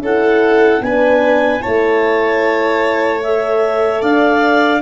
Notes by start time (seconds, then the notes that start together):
0.00 C#4 E4 A4 F#5
0.81 B3 D4 B4 G#5
1.61 A3 E4 C#5 A5
3.23 A4 E5
4.02 D4 D5 F5